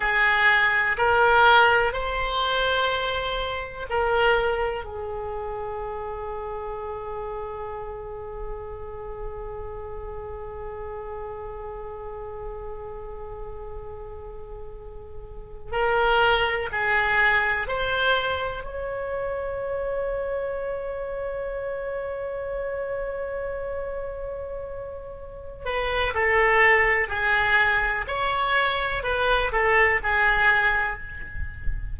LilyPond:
\new Staff \with { instrumentName = "oboe" } { \time 4/4 \tempo 4 = 62 gis'4 ais'4 c''2 | ais'4 gis'2.~ | gis'1~ | gis'1~ |
gis'16 ais'4 gis'4 c''4 cis''8.~ | cis''1~ | cis''2~ cis''8 b'8 a'4 | gis'4 cis''4 b'8 a'8 gis'4 | }